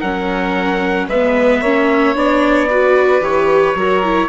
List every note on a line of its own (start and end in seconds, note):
0.00 1.08 F#3
0.00 1.12 C#4
0.00 1.07 A#4
0.00 1.08 F#5
1.08 1.62 G#3
1.08 1.65 B3
1.08 1.62 B4
1.08 2.17 E5
1.62 2.16 A#3
1.62 2.15 C#4
1.62 2.69 C#5
2.15 3.21 B3
2.15 2.69 D4
2.15 3.24 D5
2.70 3.22 F#4
2.70 3.77 B4
3.21 3.74 E3
3.21 3.75 G4
3.21 4.29 C#5
3.75 4.29 F#3
3.75 4.03 F#4
3.75 4.29 A#4
4.04 4.29 E4